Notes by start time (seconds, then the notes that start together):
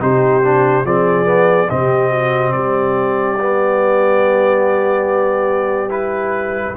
0.00 C3 D#4 G4 C5
0.43 D4
0.84 F3 C4 G#4 D5
1.25 B3
1.70 C3 C4 G4 D#5
2.11 F#4
2.52 G3 G4 D5
3.40 B3
5.89 E4 B4